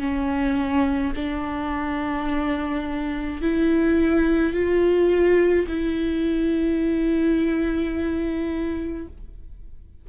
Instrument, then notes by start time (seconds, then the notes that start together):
viola
0.00 C#4
1.16 D4
3.42 E4
4.53 F4
5.68 E4